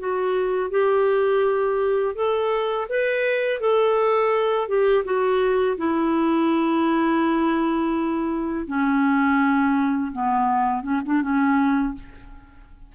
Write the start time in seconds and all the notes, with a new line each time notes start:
0.00 F#4
0.71 G4
2.16 A4
2.89 B4
3.60 A4
4.69 G4
5.05 F#4
5.78 E4
8.67 C#4
10.13 B3
10.83 C#4
11.06 D4
11.22 C#4